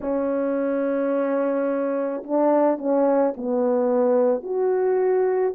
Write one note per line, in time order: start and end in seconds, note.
0.01 2.23 C#4
2.23 2.78 D4
2.78 3.33 C#4
3.36 4.42 B3
4.42 5.54 F#4